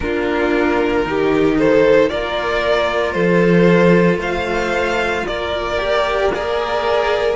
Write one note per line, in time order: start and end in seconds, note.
0.00 1.06 A#3
0.00 1.04 D4
0.00 1.07 F4
0.00 1.57 A#4
1.04 2.11 D#3
1.04 2.09 D#4
1.04 1.58 G4
1.58 2.11 A4
1.58 2.09 C5
2.09 3.14 A#3
2.09 5.77 F4
2.09 3.14 A#4
2.09 3.12 D5
3.12 4.17 F3
3.12 4.19 A4
3.12 4.17 C5
4.17 5.23 A3
4.17 5.24 C5
4.17 5.26 F5
5.26 7.35 A#3
5.26 6.33 A#4
5.26 6.32 D5
5.78 6.30 G4
6.33 7.35 G#4
6.33 7.35 A#4
6.33 7.35 D5